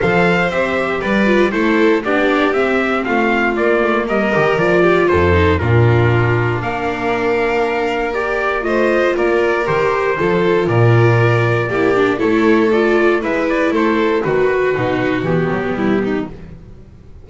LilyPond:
<<
  \new Staff \with { instrumentName = "trumpet" } { \time 4/4 \tempo 4 = 118 f''4 e''4 d''4 c''4 | d''4 e''4 f''4 d''4 | dis''4 d''4 c''4 ais'4~ | ais'4 f''2. |
d''4 dis''4 d''4 c''4~ | c''4 d''2. | cis''4 d''4 e''8 d''8 c''4 | b'2 g'2 | }
  \new Staff \with { instrumentName = "violin" } { \time 4/4 c''2 b'4 a'4 | g'2 f'2 | ais'4. g'8 a'4 f'4~ | f'4 ais'2.~ |
ais'4 c''4 ais'2 | a'4 ais'2 g'4 | a'2 b'4 a'4 | fis'2. e'8 dis'8 | }
  \new Staff \with { instrumentName = "viola" } { \time 4/4 a'4 g'4. f'8 e'4 | d'4 c'2 ais4~ | ais8 g'8 f'4. dis'8 d'4~ | d'1 |
g'4 f'2 g'4 | f'2. e'8 d'8 | e'4 f'4 e'2 | fis'4 dis'4 b2 | }
  \new Staff \with { instrumentName = "double bass" } { \time 4/4 f4 c'4 g4 a4 | b4 c'4 a4 ais8 a8 | g8 dis8 f4 f,4 ais,4~ | ais,4 ais2.~ |
ais4 a4 ais4 dis4 | f4 ais,2 ais4 | a2 gis4 a4 | dis4 b,4 e8 fis8 g4 | }
>>